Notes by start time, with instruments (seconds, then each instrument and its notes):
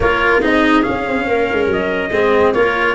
0.00 tuba A#3, cello F4, clarinet A#4, trumpet C#5
0.40 tuba C4, cello D#4, clarinet G#4, trumpet D#5
0.82 cello C#4, trumpet F5
0.88 tuba C#4
1.07 tuba C4
1.26 tuba A#3, clarinet A#4
1.52 tuba G#3
1.67 tuba F#3, trumpet D#5
2.10 tuba G#3, cello C4, clarinet G#4
2.53 tuba A#3, cello F4, clarinet A#4, trumpet C#5